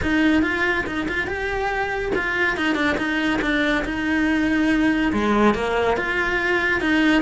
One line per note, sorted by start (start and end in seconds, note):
0.02 0.42 D#4
0.42 0.84 F4
0.86 1.07 D#4
1.08 1.27 F4
1.27 2.12 G4
2.15 2.56 F4
2.56 2.75 D#4
2.75 2.96 D4
2.97 3.40 D#4
3.41 3.84 D4
3.84 5.12 D#4
5.12 5.54 G#3
5.54 5.97 A#3
5.97 6.80 F4
6.80 7.22 D#4